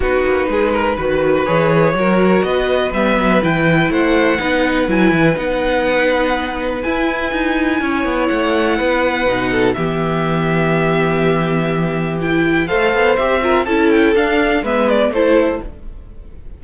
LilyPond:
<<
  \new Staff \with { instrumentName = "violin" } { \time 4/4 \tempo 4 = 123 b'2. cis''4~ | cis''4 dis''4 e''4 g''4 | fis''2 gis''4 fis''4~ | fis''2 gis''2~ |
gis''4 fis''2. | e''1~ | e''4 g''4 f''4 e''4 | a''8 g''8 f''4 e''8 d''8 c''4 | }
  \new Staff \with { instrumentName = "violin" } { \time 4/4 fis'4 gis'8 ais'8 b'2 | ais'4 b'2. | c''4 b'2.~ | b'1 |
cis''2 b'4. a'8 | g'1~ | g'2 c''4. ais'8 | a'2 b'4 a'4 | }
  \new Staff \with { instrumentName = "viola" } { \time 4/4 dis'2 fis'4 gis'4 | fis'2 b4 e'4~ | e'4 dis'4 e'4 dis'4~ | dis'2 e'2~ |
e'2. dis'4 | b1~ | b4 e'4 a'4 g'8 f'8 | e'4 d'4 b4 e'4 | }
  \new Staff \with { instrumentName = "cello" } { \time 4/4 b8 ais8 gis4 dis4 e4 | fis4 b4 g8 fis8 e4 | a4 b4 fis8 e8 b4~ | b2 e'4 dis'4 |
cis'8 b8 a4 b4 b,4 | e1~ | e2 a8 b8 c'4 | cis'4 d'4 gis4 a4 | }
>>